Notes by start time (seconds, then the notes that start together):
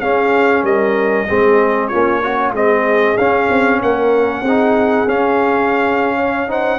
0.00 C#4 G#4 F5
0.63 G3 A#4 D#5
1.28 G#3 C4 G#4
1.88 A#3 C#4 F4 C#5
2.22 C#4 F#4
2.52 G#3 C4 G#4 D#5
3.17 C#4 F5
3.50 C4
3.82 A#3 A#4 F#5
4.42 C4 G#4
4.48 D#4
5.07 C#4 F5
6.16 C#5
6.48 D#4 C5 F#5